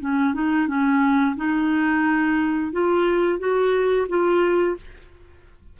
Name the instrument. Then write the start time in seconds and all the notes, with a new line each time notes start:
clarinet
0.00 C#4
0.34 D#4
0.68 C#4
1.36 D#4
2.72 F4
3.39 F#4
4.08 F4